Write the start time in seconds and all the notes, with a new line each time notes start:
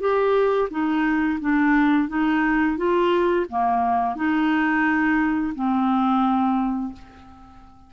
0.00 G4
0.71 D#4
1.41 D4
2.08 D#4
2.77 F4
3.50 A#3
4.16 D#4
5.55 C4